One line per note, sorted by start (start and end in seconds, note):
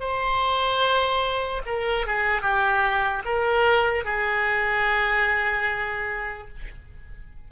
0.00 1.62 C5
1.66 2.06 A#4
2.07 2.42 G#4
2.42 3.23 G4
3.25 4.05 A#4
4.05 6.48 G#4